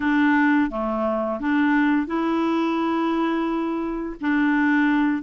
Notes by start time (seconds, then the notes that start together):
0.00 D4
0.70 A3
1.40 D4
2.06 E4
4.21 D4